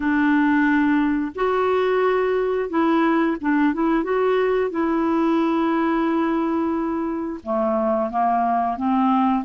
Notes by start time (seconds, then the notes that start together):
0.00 D4
1.35 F#4
2.69 E4
3.40 D4
3.73 E4
4.03 F#4
4.70 E4
7.43 A3
8.10 A#3
8.76 C4